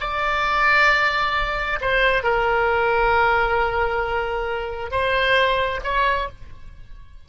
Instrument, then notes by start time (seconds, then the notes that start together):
oboe
0.00 D5
1.81 C5
2.23 A#4
4.91 C5
5.83 C#5